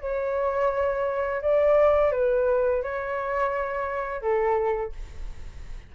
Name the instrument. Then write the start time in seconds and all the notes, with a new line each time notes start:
flute
0.00 C#5
1.41 D5
2.11 B4
2.82 C#5
4.21 A4